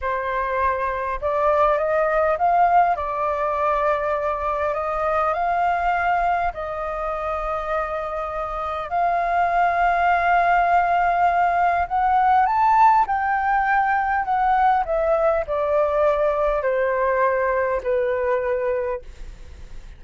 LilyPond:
\new Staff \with { instrumentName = "flute" } { \time 4/4 \tempo 4 = 101 c''2 d''4 dis''4 | f''4 d''2. | dis''4 f''2 dis''4~ | dis''2. f''4~ |
f''1 | fis''4 a''4 g''2 | fis''4 e''4 d''2 | c''2 b'2 | }